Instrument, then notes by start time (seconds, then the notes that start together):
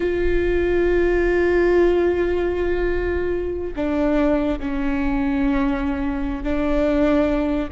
viola
0.00 F4
3.76 D4
4.59 C#4
6.43 D4